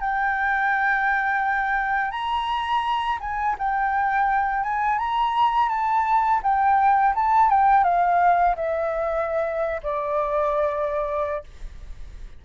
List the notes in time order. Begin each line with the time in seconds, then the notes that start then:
0.00 G5
2.11 A#5
3.20 G#5
3.58 G5
4.63 G#5
4.98 A#5
5.69 A5
6.43 G5
7.15 A5
7.50 G5
7.84 F5
8.56 E5
9.83 D5